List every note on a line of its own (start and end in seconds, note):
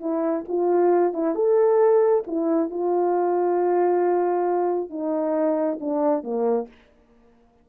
0.00 0.44 E4
0.48 1.13 F4
1.13 1.35 E4
1.35 2.24 A4
2.26 2.70 E4
2.70 4.89 F4
4.89 5.78 D#4
5.80 6.23 D4
6.23 6.67 A#3